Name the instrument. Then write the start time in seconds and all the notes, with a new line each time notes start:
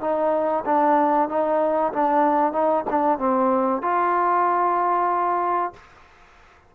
trombone
0.00 D#4
0.65 D4
1.29 D#4
1.93 D4
2.52 D#4
2.90 D4
3.18 C4
3.82 F4